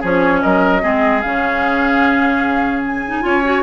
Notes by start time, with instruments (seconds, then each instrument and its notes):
0.00 bassoon F3, clarinet C#4, oboe G#4, flute C#5
0.42 bassoon F#3, oboe A#4, flute D#5
0.81 bassoon G#3, clarinet C4, oboe G#4
1.21 bassoon C#3, clarinet C#4, flute F5
2.87 flute G#5
3.07 clarinet D#4
3.22 bassoon C#4, clarinet F4, oboe C#5
3.44 clarinet F#4